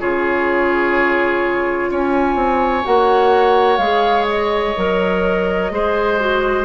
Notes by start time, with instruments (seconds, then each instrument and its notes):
0.00 bassoon C#3, clarinet F4, oboe G#4, flute C#5
1.91 bassoon C#4, oboe C#5, flute G#5
2.36 bassoon C4
2.84 bassoon A#3, clarinet F#4, flute F#5
3.78 bassoon G#3, clarinet G#4, flute F5
4.30 flute D#5
4.77 bassoon F#3, clarinet A#4
5.71 bassoon G#3, clarinet G#4, oboe C5
6.20 clarinet F#4